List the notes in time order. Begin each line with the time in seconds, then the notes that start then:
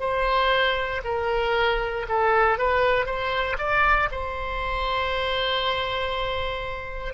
0.00 C5
1.04 A#4
2.09 A4
2.58 B4
3.06 C5
3.58 D5
4.12 C5